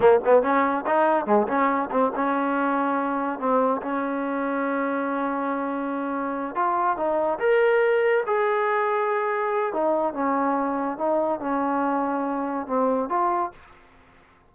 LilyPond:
\new Staff \with { instrumentName = "trombone" } { \time 4/4 \tempo 4 = 142 ais8 b8 cis'4 dis'4 gis8 cis'8~ | cis'8 c'8 cis'2. | c'4 cis'2.~ | cis'2.~ cis'8 f'8~ |
f'8 dis'4 ais'2 gis'8~ | gis'2. dis'4 | cis'2 dis'4 cis'4~ | cis'2 c'4 f'4 | }